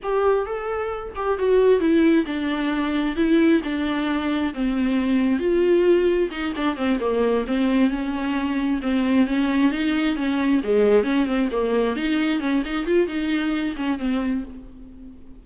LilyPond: \new Staff \with { instrumentName = "viola" } { \time 4/4 \tempo 4 = 133 g'4 a'4. g'8 fis'4 | e'4 d'2 e'4 | d'2 c'2 | f'2 dis'8 d'8 c'8 ais8~ |
ais8 c'4 cis'2 c'8~ | c'8 cis'4 dis'4 cis'4 gis8~ | gis8 cis'8 c'8 ais4 dis'4 cis'8 | dis'8 f'8 dis'4. cis'8 c'4 | }